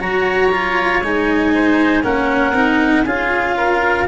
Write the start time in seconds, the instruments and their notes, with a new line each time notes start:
0.00 tuba F#3, cello F#4, oboe C#5, clarinet A#5
0.52 cello F4
1.03 tuba G#3, cello D#4, clarinet G#5
1.55 oboe C5
2.04 tuba A#3, cello C#4, oboe A#4, clarinet F#5
2.53 tuba C4, cello D#4
3.05 tuba C#4, cello F4, oboe G#4, clarinet F5
3.57 oboe A#4